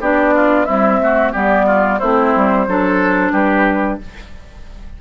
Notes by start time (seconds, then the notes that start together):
0.00 B3 D4 G4 D5
0.34 F4
0.64 G3 C4 E4 E5
1.00 A3 F#4
1.32 G3 B3 G4 D5
1.66 F4
1.99 A3 C4 E4 C5
2.35 G3
2.67 F#3 D4 A4
3.31 G3 G4 B4